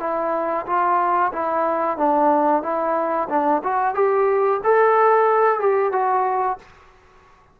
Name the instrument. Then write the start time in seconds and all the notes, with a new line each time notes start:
trombone
0.00 E4
0.66 F4
1.33 E4
1.97 D4
2.63 E4
3.29 D4
3.64 F#4
3.95 G4
4.64 A4
5.60 G4
5.93 F#4